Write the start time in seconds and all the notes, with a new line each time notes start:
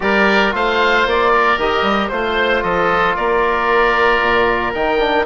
0.00 G3 G4 A#4 D5
0.51 A3 F4 C5 F5
1.06 A#3 D5
1.32 A#4
1.57 D#3 G4 D#5
1.82 G3
2.08 A3 F4 C5
2.62 F3 A4 D#5
3.15 A#3 A#4 D5
4.21 A#2
4.74 D#3 D#4 G5
4.99 D4